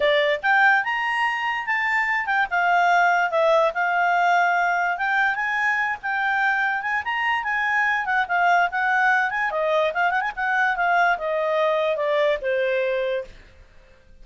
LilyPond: \new Staff \with { instrumentName = "clarinet" } { \time 4/4 \tempo 4 = 145 d''4 g''4 ais''2 | a''4. g''8 f''2 | e''4 f''2. | g''4 gis''4. g''4.~ |
g''8 gis''8 ais''4 gis''4. fis''8 | f''4 fis''4. gis''8 dis''4 | f''8 fis''16 gis''16 fis''4 f''4 dis''4~ | dis''4 d''4 c''2 | }